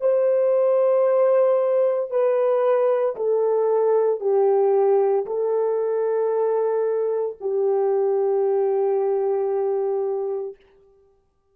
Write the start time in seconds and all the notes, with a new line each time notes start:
0.00 C5
2.10 B4
3.16 A4
4.20 G4
5.26 A4
7.40 G4